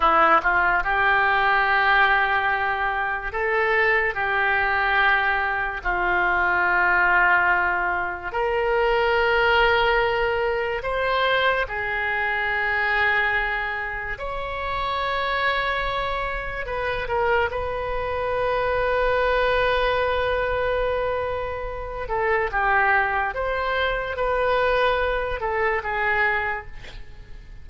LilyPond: \new Staff \with { instrumentName = "oboe" } { \time 4/4 \tempo 4 = 72 e'8 f'8 g'2. | a'4 g'2 f'4~ | f'2 ais'2~ | ais'4 c''4 gis'2~ |
gis'4 cis''2. | b'8 ais'8 b'2.~ | b'2~ b'8 a'8 g'4 | c''4 b'4. a'8 gis'4 | }